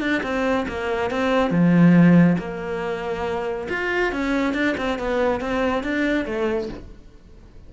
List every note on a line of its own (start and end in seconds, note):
0.00 0.22 D4
0.23 0.66 C4
0.68 1.10 A#3
1.10 1.50 C4
1.50 2.37 F3
2.38 3.68 A#3
3.69 4.12 F4
4.12 4.54 C#4
4.54 4.75 D4
4.78 4.99 C4
4.99 5.41 B3
5.41 5.83 C4
5.83 6.26 D4
6.26 6.69 A3